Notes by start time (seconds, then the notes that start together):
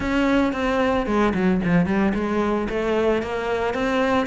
0.00 C#4
0.53 C4
1.06 G#3
1.33 F#3
1.64 F3
1.86 G3
2.14 G#3
2.69 A3
3.22 A#3
3.74 C4